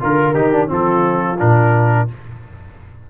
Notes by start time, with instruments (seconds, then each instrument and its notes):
0.00 tuba D3, trombone F4, horn A#4, trumpet A#4
0.34 tuba D#3, trombone D#4, trumpet G4
0.52 trombone D4
0.68 tuba F3, trombone C4, horn F4, trumpet A4
1.39 tuba A#2, trombone D4, trumpet A#4